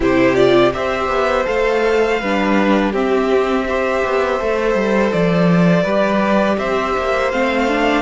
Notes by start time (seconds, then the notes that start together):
0.00 C3 E4 G4 C5
0.35 F4 D5
0.73 C4 G4 C5 E5
1.08 B3
1.44 A3 A4 F5
2.20 G3 D4 B4
2.92 C4 G4 E5
3.67 G4 C5
4.04 B3
4.40 A3 A4
4.74 G3
5.12 F3 D5
5.83 G3 G4 B4
6.58 C4 C5 E5
6.97 A#3
7.31 A3 C4 F5
7.68 D4